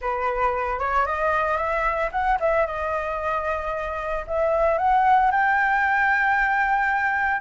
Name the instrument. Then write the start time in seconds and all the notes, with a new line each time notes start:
flute
0.01 B4
0.79 C#5
1.06 D#5
1.57 E5
2.11 F#5
2.39 E5
2.66 D#5
4.27 E5
4.78 F#5
5.31 G5